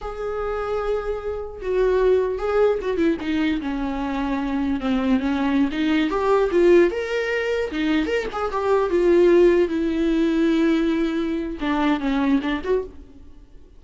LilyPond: \new Staff \with { instrumentName = "viola" } { \time 4/4 \tempo 4 = 150 gis'1 | fis'2 gis'4 fis'8 e'8 | dis'4 cis'2. | c'4 cis'4~ cis'16 dis'4 g'8.~ |
g'16 f'4 ais'2 dis'8.~ | dis'16 ais'8 gis'8 g'4 f'4.~ f'16~ | f'16 e'2.~ e'8.~ | e'4 d'4 cis'4 d'8 fis'8 | }